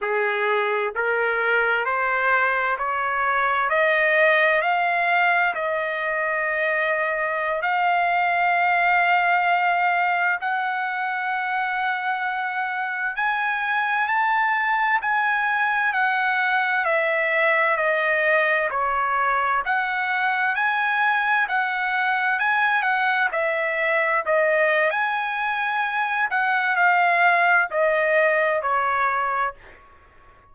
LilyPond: \new Staff \with { instrumentName = "trumpet" } { \time 4/4 \tempo 4 = 65 gis'4 ais'4 c''4 cis''4 | dis''4 f''4 dis''2~ | dis''16 f''2. fis''8.~ | fis''2~ fis''16 gis''4 a''8.~ |
a''16 gis''4 fis''4 e''4 dis''8.~ | dis''16 cis''4 fis''4 gis''4 fis''8.~ | fis''16 gis''8 fis''8 e''4 dis''8. gis''4~ | gis''8 fis''8 f''4 dis''4 cis''4 | }